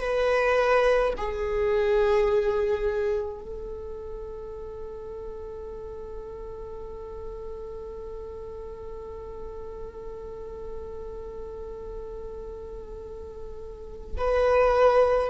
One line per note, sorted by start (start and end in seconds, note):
0.00 1.13 B4
1.17 3.41 G#4
3.41 14.17 A4
14.17 15.29 B4